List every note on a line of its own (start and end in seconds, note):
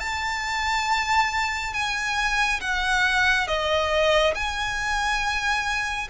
0.00 1.74 A5
1.74 2.60 G#5
2.61 3.48 F#5
3.48 4.35 D#5
4.35 6.09 G#5